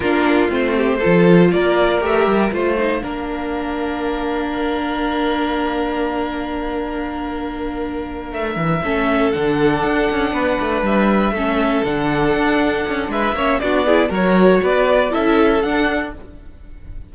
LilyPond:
<<
  \new Staff \with { instrumentName = "violin" } { \time 4/4 \tempo 4 = 119 ais'4 c''2 d''4 | e''4 f''2.~ | f''1~ | f''1~ |
f''8 e''2 fis''4.~ | fis''4. e''2 fis''8~ | fis''2 e''4 d''4 | cis''4 d''4 e''4 fis''4 | }
  \new Staff \with { instrumentName = "violin" } { \time 4/4 f'4. g'8 a'4 ais'4~ | ais'4 c''4 ais'2~ | ais'1~ | ais'1~ |
ais'4. a'2~ a'8~ | a'8 b'2 a'4.~ | a'2 b'8 cis''8 fis'8 gis'8 | ais'4 b'4 a'2 | }
  \new Staff \with { instrumentName = "viola" } { \time 4/4 d'4 c'4 f'2 | g'4 f'8 dis'8 d'2~ | d'1~ | d'1~ |
d'4. cis'4 d'4.~ | d'2~ d'8 cis'4 d'8~ | d'2~ d'8 cis'8 d'8 e'8 | fis'2 e'4 d'4 | }
  \new Staff \with { instrumentName = "cello" } { \time 4/4 ais4 a4 f4 ais4 | a8 g8 a4 ais2~ | ais1~ | ais1~ |
ais8 a8 e8 a4 d4 d'8 | cis'8 b8 a8 g4 a4 d8~ | d8 d'4 cis'8 gis8 ais8 b4 | fis4 b4 cis'4 d'4 | }
>>